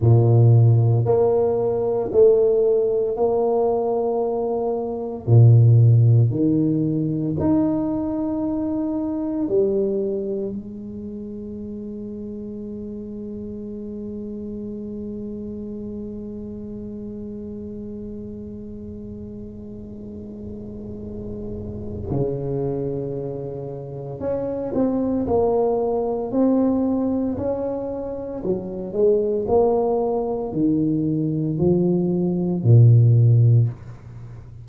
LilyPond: \new Staff \with { instrumentName = "tuba" } { \time 4/4 \tempo 4 = 57 ais,4 ais4 a4 ais4~ | ais4 ais,4 dis4 dis'4~ | dis'4 g4 gis2~ | gis1~ |
gis1~ | gis4 cis2 cis'8 c'8 | ais4 c'4 cis'4 fis8 gis8 | ais4 dis4 f4 ais,4 | }